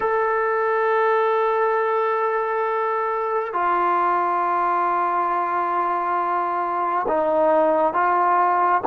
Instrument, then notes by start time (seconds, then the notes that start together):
trombone
0.00 A4
3.53 F4
7.08 D#4
7.93 F4